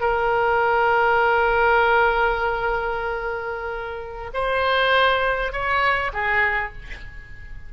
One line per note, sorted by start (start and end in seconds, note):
0.00 4.31 A#4
4.34 5.52 C5
5.52 6.12 C#5
6.13 6.72 G#4